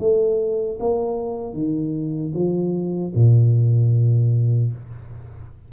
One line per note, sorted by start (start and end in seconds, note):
0.00 0.79 A3
0.80 1.54 A#3
1.54 2.33 D#3
2.34 3.13 F3
3.15 4.73 A#2